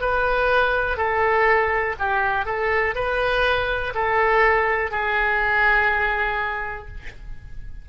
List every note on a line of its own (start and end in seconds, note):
0.00 0.97 B4
0.97 1.95 A4
1.99 2.45 G4
2.45 2.94 A4
2.95 3.93 B4
3.94 4.90 A4
4.90 6.87 G#4